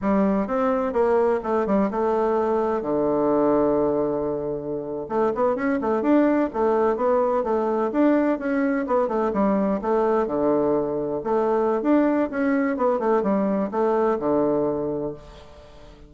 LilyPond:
\new Staff \with { instrumentName = "bassoon" } { \time 4/4 \tempo 4 = 127 g4 c'4 ais4 a8 g8 | a2 d2~ | d2~ d8. a8 b8 cis'16~ | cis'16 a8 d'4 a4 b4 a16~ |
a8. d'4 cis'4 b8 a8 g16~ | g8. a4 d2 a16~ | a4 d'4 cis'4 b8 a8 | g4 a4 d2 | }